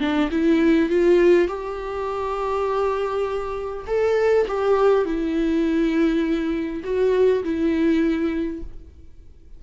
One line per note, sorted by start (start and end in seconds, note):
0.00 0.30 D4
0.31 0.90 E4
0.90 1.48 F4
1.48 3.86 G4
3.87 4.47 A4
4.47 5.05 G4
5.05 6.83 E4
6.84 7.43 F#4
7.44 8.63 E4